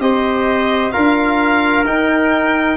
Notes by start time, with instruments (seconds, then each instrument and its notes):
0.00 tuba C4, trombone G4, trumpet C5, violin D#5
0.92 tuba D4, trombone F4, trumpet A#4, violin F5
1.85 tuba D#4, trombone D#4, violin G5